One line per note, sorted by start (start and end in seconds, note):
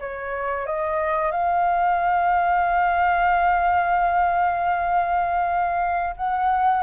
0.00 0.67 C#5
0.67 1.32 D#5
1.32 6.15 F5
6.17 6.83 F#5